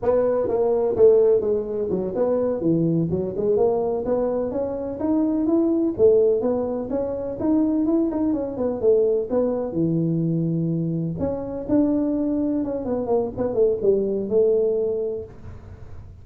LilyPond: \new Staff \with { instrumentName = "tuba" } { \time 4/4 \tempo 4 = 126 b4 ais4 a4 gis4 | fis8 b4 e4 fis8 gis8 ais8~ | ais8 b4 cis'4 dis'4 e'8~ | e'8 a4 b4 cis'4 dis'8~ |
dis'8 e'8 dis'8 cis'8 b8 a4 b8~ | b8 e2. cis'8~ | cis'8 d'2 cis'8 b8 ais8 | b8 a8 g4 a2 | }